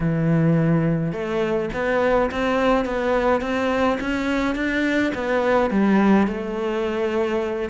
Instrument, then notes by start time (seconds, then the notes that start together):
cello
0.00 E3
1.12 A3
1.73 B3
2.31 C4
2.85 B3
3.41 C4
4.00 C#4
4.55 D4
5.14 B3
5.70 G3
6.27 A3